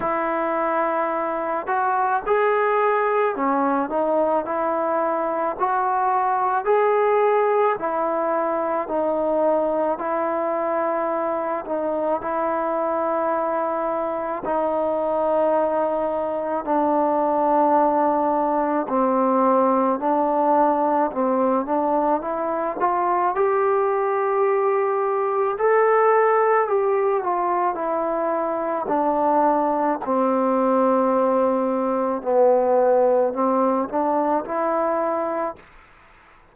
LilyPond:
\new Staff \with { instrumentName = "trombone" } { \time 4/4 \tempo 4 = 54 e'4. fis'8 gis'4 cis'8 dis'8 | e'4 fis'4 gis'4 e'4 | dis'4 e'4. dis'8 e'4~ | e'4 dis'2 d'4~ |
d'4 c'4 d'4 c'8 d'8 | e'8 f'8 g'2 a'4 | g'8 f'8 e'4 d'4 c'4~ | c'4 b4 c'8 d'8 e'4 | }